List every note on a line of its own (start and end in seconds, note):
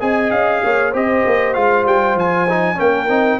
0.00 0.31 C4
0.00 0.93 G#4
0.00 0.62 D#5
0.00 0.31 G#5
0.31 0.62 C#4
0.31 0.93 F5
0.64 0.94 A#3
0.64 0.91 C#5
0.91 1.25 C4
0.91 1.55 G4
0.91 2.77 C5
0.91 1.54 D#5
1.26 1.56 A#3
1.54 1.85 G#3
1.54 2.48 F4
1.54 1.85 F5
1.85 2.15 G3
1.85 2.18 G5
2.15 2.77 F3
2.15 2.80 G#5
2.49 2.75 D#4
2.75 3.09 A#3
2.75 3.06 C#4
2.75 3.40 A#4
2.75 3.40 G5
3.09 3.40 C4
3.09 3.40 D#4